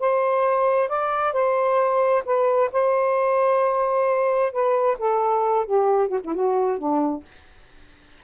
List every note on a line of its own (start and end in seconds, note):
0.00 0.89 C5
0.89 1.33 D5
1.33 2.23 C5
2.26 2.71 B4
2.73 4.52 C5
4.52 4.97 B4
4.99 5.66 A4
5.66 6.08 G4
6.08 6.20 F#4
6.24 6.34 E4
6.34 6.79 F#4
6.79 7.24 D4